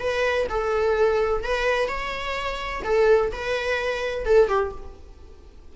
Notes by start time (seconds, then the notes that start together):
0.00 B4
0.50 A4
1.44 B4
1.88 C#5
2.84 A4
3.32 B4
4.26 A4
4.48 G4